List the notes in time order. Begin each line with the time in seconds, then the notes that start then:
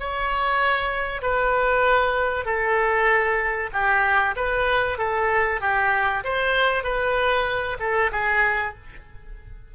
0.00 C#5
1.22 B4
2.45 A4
3.73 G4
4.36 B4
4.99 A4
5.61 G4
6.24 C5
6.84 B4
7.80 A4
8.12 G#4